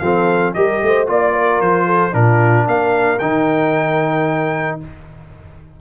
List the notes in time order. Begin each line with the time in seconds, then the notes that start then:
0.00 F3 C4 A4 F5
0.54 G3 G4 A#4 D#5
0.83 A3 C5
1.07 A#3 F4 D5
1.34 A#4
1.61 F3 C5
1.87 A4
2.12 A#2 D4 F4 A#4
2.67 A#3 A#4 F5
3.19 D#3 D#4 G5